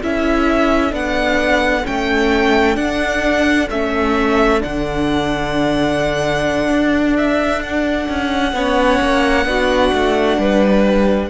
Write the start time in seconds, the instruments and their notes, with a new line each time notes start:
0.00 cello C#4, viola E4, violin A4 E5
0.90 cello B3, viola D4, violin F#5
1.84 cello A3, viola C#4, violin G5
2.75 viola D4, cello D4, violin F#5
3.70 cello A3, viola C#4, violin E5
4.60 cello D3, viola D4, violin F#5
6.69 cello D4
7.17 violin E5
7.62 violin F#5
8.08 cello C#4
8.52 cello B3, viola C#4, violin C#5
9.01 cello A#3
9.45 cello B3, viola D4, violin F#4
9.93 cello A3
10.37 cello G3, violin B4